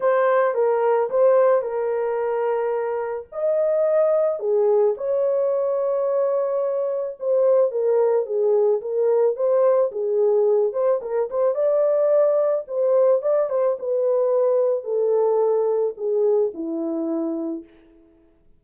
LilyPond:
\new Staff \with { instrumentName = "horn" } { \time 4/4 \tempo 4 = 109 c''4 ais'4 c''4 ais'4~ | ais'2 dis''2 | gis'4 cis''2.~ | cis''4 c''4 ais'4 gis'4 |
ais'4 c''4 gis'4. c''8 | ais'8 c''8 d''2 c''4 | d''8 c''8 b'2 a'4~ | a'4 gis'4 e'2 | }